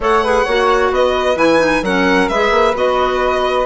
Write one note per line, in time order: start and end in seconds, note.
0.00 0.42 A3
0.00 0.24 A4
0.00 0.23 C#5
0.00 0.94 F#5
0.23 0.47 G#4
0.23 0.44 B4
0.44 0.91 A#3
0.44 1.36 F#4
0.44 0.90 C#5
0.91 1.35 B3
0.91 1.83 B4
0.91 1.38 D#5
1.35 1.81 E3
1.35 1.58 E4
1.35 1.84 G#5
1.59 1.81 D#4
1.82 2.28 F#3
1.82 2.31 C#4
1.82 2.29 A#4
1.82 2.28 F#5
2.28 2.50 G#3
2.28 2.74 G#4
2.28 3.65 B4
2.28 2.74 E5
2.50 2.73 A#3
2.74 3.65 B3
2.74 3.65 F#4
2.74 3.65 D#5